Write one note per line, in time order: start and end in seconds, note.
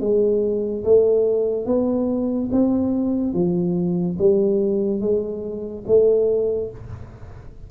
0.00 0.83 G#3
0.84 1.66 A3
1.66 2.49 B3
2.52 3.33 C4
3.33 4.17 F3
4.18 5.00 G3
5.00 5.84 G#3
5.87 6.70 A3